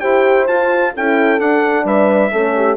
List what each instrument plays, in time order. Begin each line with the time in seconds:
0.00 bassoon E4, horn G4 C5, trumpet G5
0.47 horn F4, bassoon F4, trumpet A5
0.94 bassoon C#4, horn E4 A4, trumpet G5
1.39 bassoon D4, horn D4, trumpet F#5
1.84 bassoon G3, horn B4, trumpet E5
2.32 bassoon A3, horn C#4 A4
2.55 horn G4